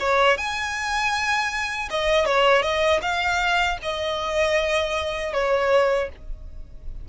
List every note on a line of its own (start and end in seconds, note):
0.00 0.37 C#5
0.37 1.89 G#5
1.90 2.26 D#5
2.26 2.62 C#5
2.62 3.00 D#5
3.02 3.78 F5
3.82 5.33 D#5
5.33 6.09 C#5